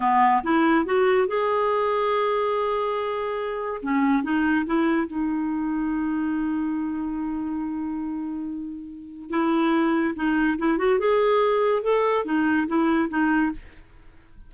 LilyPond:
\new Staff \with { instrumentName = "clarinet" } { \time 4/4 \tempo 4 = 142 b4 e'4 fis'4 gis'4~ | gis'1~ | gis'4 cis'4 dis'4 e'4 | dis'1~ |
dis'1~ | dis'2 e'2 | dis'4 e'8 fis'8 gis'2 | a'4 dis'4 e'4 dis'4 | }